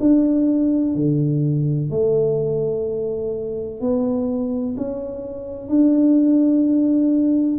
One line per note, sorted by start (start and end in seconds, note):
0.00 0.95 D4
0.95 1.90 D3
1.90 3.81 A3
3.81 4.76 B3
4.77 5.69 C#4
5.69 7.59 D4